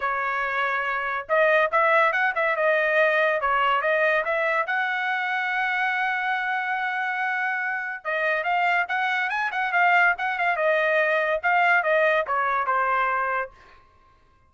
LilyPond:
\new Staff \with { instrumentName = "trumpet" } { \time 4/4 \tempo 4 = 142 cis''2. dis''4 | e''4 fis''8 e''8 dis''2 | cis''4 dis''4 e''4 fis''4~ | fis''1~ |
fis''2. dis''4 | f''4 fis''4 gis''8 fis''8 f''4 | fis''8 f''8 dis''2 f''4 | dis''4 cis''4 c''2 | }